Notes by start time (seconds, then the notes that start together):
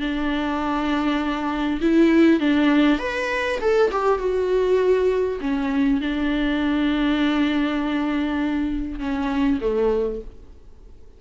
0.00 D4
1.81 E4
2.40 D4
2.98 B4
3.60 A4
3.91 G4
4.18 F#4
5.41 C#4
6.01 D4
8.99 C#4
9.61 A3